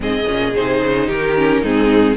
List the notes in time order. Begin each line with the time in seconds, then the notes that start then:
0.00 G#2 C4 G#4 D#5
0.27 A#2 C#4
0.55 C3 D#4 C5
0.82 C#3
1.06 D#3 G4 A#4
1.36 C#4
1.62 G#2 C4 D#4 G#4